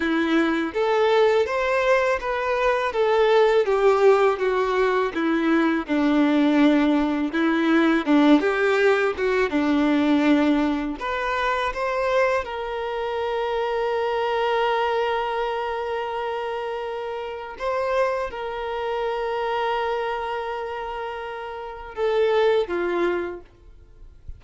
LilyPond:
\new Staff \with { instrumentName = "violin" } { \time 4/4 \tempo 4 = 82 e'4 a'4 c''4 b'4 | a'4 g'4 fis'4 e'4 | d'2 e'4 d'8 g'8~ | g'8 fis'8 d'2 b'4 |
c''4 ais'2.~ | ais'1 | c''4 ais'2.~ | ais'2 a'4 f'4 | }